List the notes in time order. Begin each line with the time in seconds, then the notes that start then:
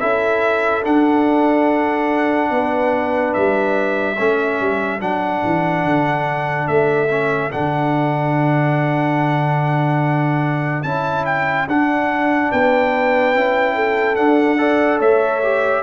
0.00 C#4 E4 A4 E5
0.83 D4 F#5
2.51 B3 B4
3.34 G3 E5
4.16 A3 C#4 A4
4.60 G3
5.00 F#3 D4 F#5
5.44 E3
5.84 D3
6.68 A3 E5
7.09 C#4
7.51 D3 D4 F#5
10.83 C#4 E4 A5
11.25 G5
11.67 D4 F#5
12.51 B3 B4 G5
13.35 C#4 E4
13.75 A4
14.16 D4 F#5
14.58 A4 D5
14.99 A3 C#5 E5
15.43 G4